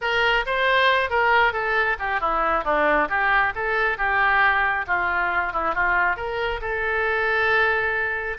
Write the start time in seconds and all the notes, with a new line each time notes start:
0.01 A#4
0.46 C5
1.10 A#4
1.52 A4
1.99 G4
2.20 E4
2.64 D4
3.09 G4
3.55 A4
3.97 G4
4.87 F4
5.53 E4
5.74 F4
6.16 A#4
6.61 A4